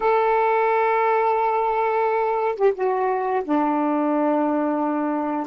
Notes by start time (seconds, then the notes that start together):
0.00 A4
2.55 G4
2.74 F#4
3.44 D4